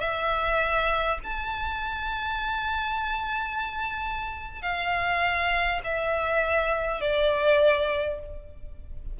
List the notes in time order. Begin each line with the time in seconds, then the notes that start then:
0.00 E5
1.24 A5
4.62 F5
5.84 E5
7.01 D5